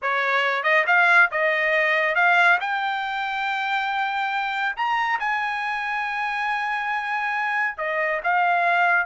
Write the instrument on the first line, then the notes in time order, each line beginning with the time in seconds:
trumpet
0.02 C#5
0.63 D#5
0.87 F5
1.31 D#5
2.15 F5
2.60 G5
4.76 A#5
5.19 G#5
7.77 D#5
8.23 F5